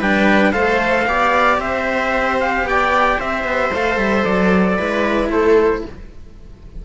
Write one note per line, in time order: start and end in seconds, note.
0.00 0.53 G3
0.00 0.53 D4
0.00 0.53 B4
0.00 0.53 G5
0.53 1.07 A3
0.53 1.06 A4
0.53 1.07 C5
0.53 1.59 F5
1.06 1.58 B3
1.06 3.71 G4
1.06 1.61 D5
1.58 2.64 C4
1.58 2.67 C5
1.58 2.40 E5
2.41 2.67 F5
2.64 3.17 B3
2.64 3.18 D5
2.64 3.20 G5
3.18 3.44 C4
3.18 4.77 C5
3.18 3.74 E5
3.44 3.71 B3
3.73 3.98 A3
3.73 4.79 A4
3.73 3.99 F5
3.98 4.24 G3
3.98 4.25 E5
4.25 4.79 F#3
4.25 5.31 D5
4.77 5.30 G#3
4.77 5.86 E4
4.77 5.30 B4
5.30 5.83 A3
5.30 5.85 A4
5.30 5.84 C5